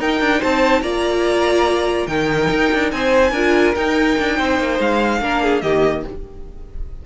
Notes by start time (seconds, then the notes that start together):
0.00 D#4 A#4 G5
0.21 D4
0.40 C4 C5 A5
0.82 A#3 F4 D5 A#5
2.07 D#3 D#4 A#4 G5
2.51 D#4
2.74 D4
2.92 C4 C5 G#5
3.32 D4 F4 A#4
3.75 D#4 G5
4.19 D4
4.38 C4 C5
4.60 A#3
4.80 G#3 F5
5.21 A#3 D4 A#4
5.43 G#4
5.62 D#3 A#3 G4 D#5